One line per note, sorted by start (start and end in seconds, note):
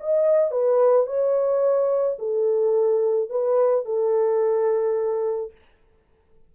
0.00 0.51 D#5
0.51 1.06 B4
1.06 2.17 C#5
2.19 3.30 A4
3.30 3.85 B4
3.85 5.52 A4